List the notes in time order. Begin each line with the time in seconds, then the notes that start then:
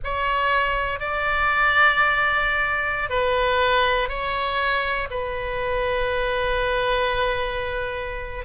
0.03 C#5
0.99 D5
3.09 B4
4.09 C#5
5.10 B4